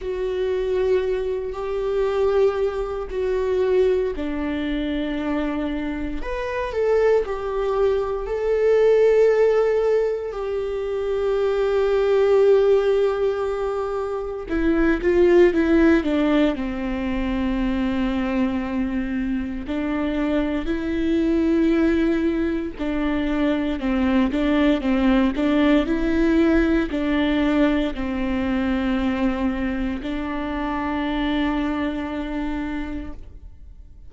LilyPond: \new Staff \with { instrumentName = "viola" } { \time 4/4 \tempo 4 = 58 fis'4. g'4. fis'4 | d'2 b'8 a'8 g'4 | a'2 g'2~ | g'2 e'8 f'8 e'8 d'8 |
c'2. d'4 | e'2 d'4 c'8 d'8 | c'8 d'8 e'4 d'4 c'4~ | c'4 d'2. | }